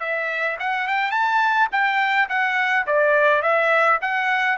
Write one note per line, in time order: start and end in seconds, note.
0.00 0.57 E5
0.59 0.88 F#5
0.88 1.11 G5
1.11 1.69 A5
1.72 2.29 G5
2.29 2.86 F#5
2.87 3.42 D5
3.42 3.99 E5
4.02 4.58 F#5